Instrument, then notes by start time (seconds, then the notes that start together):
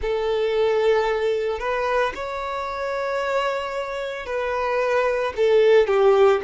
violin
0.01 A4
1.59 B4
2.14 C#5
4.26 B4
5.36 A4
5.87 G4